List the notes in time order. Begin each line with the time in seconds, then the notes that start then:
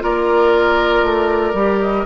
0.00 A#3 F4 A#4 D5
1.03 A3
1.54 G3 G4
1.82 D#5